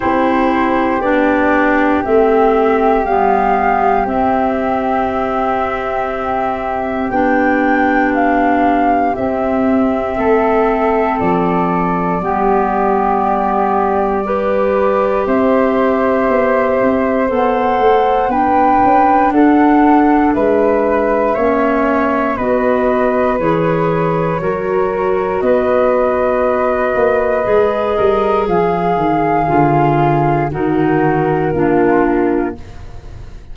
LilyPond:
<<
  \new Staff \with { instrumentName = "flute" } { \time 4/4 \tempo 4 = 59 c''4 d''4 e''4 f''4 | e''2. g''4 | f''4 e''2 d''4~ | d''2. e''4~ |
e''4 fis''4 g''4 fis''4 | e''2 dis''4 cis''4~ | cis''4 dis''2. | f''2 ais'2 | }
  \new Staff \with { instrumentName = "flute" } { \time 4/4 g'1~ | g'1~ | g'2 a'2 | g'2 b'4 c''4~ |
c''2 b'4 a'4 | b'4 cis''4 b'2 | ais'4 b'2~ b'8 ais'8 | gis'2 fis'4 f'4 | }
  \new Staff \with { instrumentName = "clarinet" } { \time 4/4 e'4 d'4 c'4 b4 | c'2. d'4~ | d'4 c'2. | b2 g'2~ |
g'4 a'4 d'2~ | d'4 cis'4 fis'4 gis'4 | fis'2. gis'4~ | gis'4 f'4 dis'4 d'4 | }
  \new Staff \with { instrumentName = "tuba" } { \time 4/4 c'4 b4 a4 g4 | c'2. b4~ | b4 c'4 a4 f4 | g2. c'4 |
b8 c'8 b8 a8 b8 cis'8 d'4 | gis4 ais4 b4 e4 | fis4 b4. ais8 gis8 g8 | f8 dis8 d4 dis4 ais4 | }
>>